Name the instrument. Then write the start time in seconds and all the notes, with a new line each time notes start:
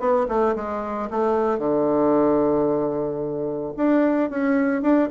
bassoon
0.00 B3
0.29 A3
0.56 G#3
1.11 A3
1.59 D3
3.77 D4
4.30 C#4
4.82 D4